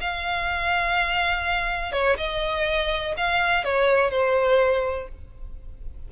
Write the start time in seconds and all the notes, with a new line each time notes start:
0.00 F5
1.92 C#5
2.17 D#5
3.17 F5
3.64 C#5
4.10 C5